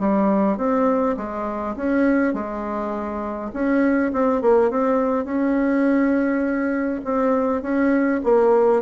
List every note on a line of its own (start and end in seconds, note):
0.00 0.57 G3
0.57 1.16 C4
1.17 1.76 G#3
1.76 2.34 C#4
2.34 3.52 G#3
3.53 4.12 C#4
4.13 4.42 C4
4.42 4.71 A#3
4.71 5.25 C4
5.25 7.01 C#4
7.05 7.62 C4
7.62 8.21 C#4
8.24 8.83 A#3